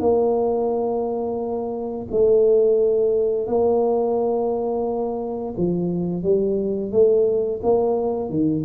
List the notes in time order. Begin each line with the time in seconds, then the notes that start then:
0.00 A#3
2.12 A3
3.47 A#3
5.58 F3
6.23 G3
6.92 A3
7.63 A#3
8.30 D#3